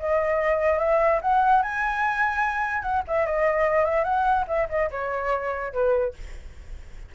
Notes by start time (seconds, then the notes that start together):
0.00 D#5
0.79 E5
1.22 F#5
1.63 G#5
2.82 F#5
3.08 E5
3.26 D#5
3.85 E5
4.04 F#5
4.48 E5
4.69 D#5
4.91 C#5
5.73 B4